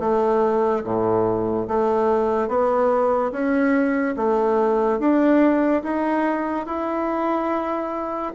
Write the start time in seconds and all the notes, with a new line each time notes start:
0.00 A3
0.84 A2
1.68 A3
2.48 B3
3.32 C#4
4.17 A3
5.00 D4
5.83 D#4
6.66 E4